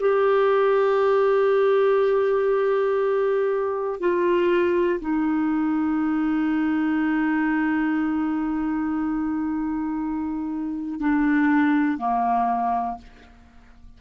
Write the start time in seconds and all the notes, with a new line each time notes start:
0.00 G4
4.00 F4
5.00 D#4
11.00 D4
11.98 A#3